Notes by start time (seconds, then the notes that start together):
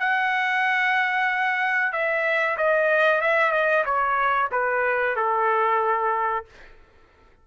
0.00 F#5
1.92 E5
2.57 D#5
3.21 E5
3.52 D#5
3.85 C#5
4.52 B4
5.16 A4